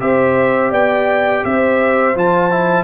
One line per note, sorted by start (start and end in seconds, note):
0.00 0.71 C4
0.00 2.14 G4
0.00 0.71 C5
0.00 0.72 E5
0.71 1.43 B3
0.71 1.42 D5
0.71 1.44 G5
1.44 2.15 C4
1.44 2.84 C5
1.44 2.16 E5
2.15 2.84 F3
2.15 2.51 F4
2.15 2.84 A5
2.51 2.84 E4